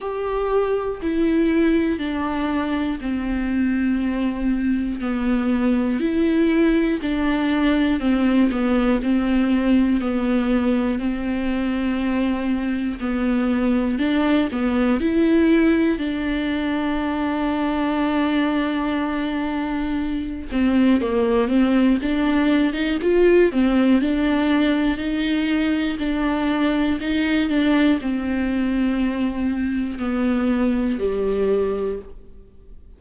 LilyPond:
\new Staff \with { instrumentName = "viola" } { \time 4/4 \tempo 4 = 60 g'4 e'4 d'4 c'4~ | c'4 b4 e'4 d'4 | c'8 b8 c'4 b4 c'4~ | c'4 b4 d'8 b8 e'4 |
d'1~ | d'8 c'8 ais8 c'8 d'8. dis'16 f'8 c'8 | d'4 dis'4 d'4 dis'8 d'8 | c'2 b4 g4 | }